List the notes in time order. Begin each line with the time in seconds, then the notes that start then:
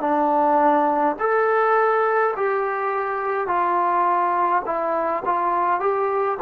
0.00 D4
1.19 A4
2.37 G4
3.47 F4
4.65 E4
5.25 F4
5.80 G4